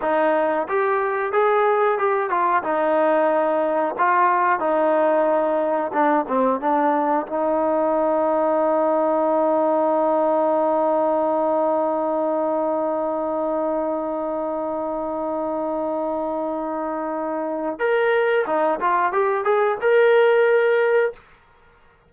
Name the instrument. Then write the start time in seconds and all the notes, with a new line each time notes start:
trombone
0.01 D#4
0.68 G4
1.32 G#4
1.98 G4
2.30 F4
2.63 D#4
3.98 F4
4.59 D#4
5.92 D4
6.28 C4
6.60 D4
7.26 D#4
17.79 A#4
18.46 D#4
18.80 F4
19.12 G4
19.44 G#4
19.81 A#4